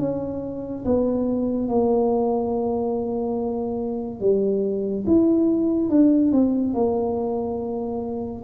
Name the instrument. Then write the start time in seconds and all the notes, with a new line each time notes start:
tuba
0.00 C#4
0.85 B3
1.69 A#3
4.21 G3
5.07 E4
5.90 D4
6.32 C4
6.74 A#3